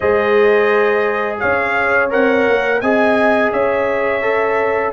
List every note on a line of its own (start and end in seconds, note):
0.00 1.42 G#3
0.00 2.10 G#4
0.00 1.38 C5
0.00 1.37 D#5
1.39 2.13 C#4
1.39 2.81 C#5
1.39 2.10 F5
2.10 2.48 C4
2.10 2.80 A#4
2.10 2.80 F#5
2.48 2.81 A#3
2.80 3.51 C4
2.80 4.22 G#4
2.80 3.53 D#5
2.80 3.51 G#5
3.51 4.92 C#4
3.51 4.92 C#5
3.51 4.92 E5
4.22 4.92 A4